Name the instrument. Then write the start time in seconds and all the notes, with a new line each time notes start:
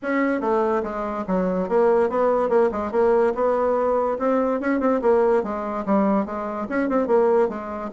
bassoon
0.02 C#4
0.40 A3
0.83 G#3
1.27 F#3
1.68 A#3
2.09 B3
2.49 A#3
2.71 G#3
2.91 A#3
3.34 B3
4.18 C4
4.60 C#4
4.80 C4
5.01 A#3
5.43 G#3
5.85 G3
6.25 G#3
6.69 C#4
6.89 C4
7.07 A#3
7.48 G#3